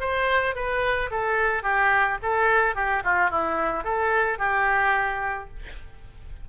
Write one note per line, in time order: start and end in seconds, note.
0.00 0.55 C5
0.55 1.10 B4
1.11 1.63 A4
1.63 2.18 G4
2.22 2.75 A4
2.75 3.03 G4
3.04 3.31 F4
3.31 3.84 E4
3.84 4.39 A4
4.39 5.49 G4